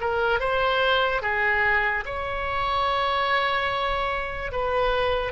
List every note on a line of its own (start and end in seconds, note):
0.00 0.39 A#4
0.39 1.21 C5
1.21 2.04 G#4
2.05 4.51 C#5
4.51 5.32 B4